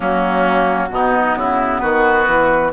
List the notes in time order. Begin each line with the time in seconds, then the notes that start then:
0.00 F#3 A#3 C#4 F#4
0.90 B2 B3 D#4
1.36 C#3 E4
1.79 D#3 F#4 B4
2.27 E3